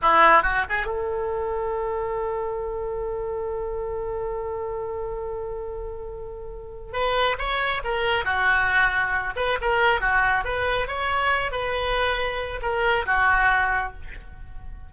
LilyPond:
\new Staff \with { instrumentName = "oboe" } { \time 4/4 \tempo 4 = 138 e'4 fis'8 gis'8 a'2~ | a'1~ | a'1~ | a'1 |
b'4 cis''4 ais'4 fis'4~ | fis'4. b'8 ais'4 fis'4 | b'4 cis''4. b'4.~ | b'4 ais'4 fis'2 | }